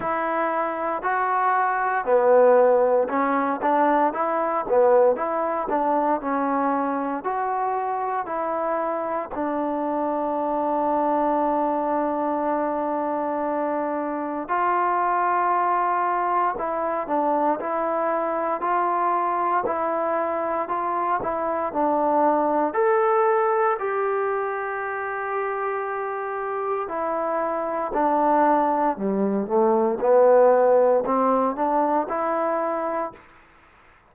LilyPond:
\new Staff \with { instrumentName = "trombone" } { \time 4/4 \tempo 4 = 58 e'4 fis'4 b4 cis'8 d'8 | e'8 b8 e'8 d'8 cis'4 fis'4 | e'4 d'2.~ | d'2 f'2 |
e'8 d'8 e'4 f'4 e'4 | f'8 e'8 d'4 a'4 g'4~ | g'2 e'4 d'4 | g8 a8 b4 c'8 d'8 e'4 | }